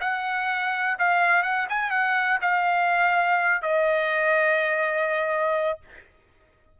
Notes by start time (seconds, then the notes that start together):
0.00 F#5
0.99 F5
1.43 F#5
1.69 G#5
1.90 F#5
2.41 F5
3.62 D#5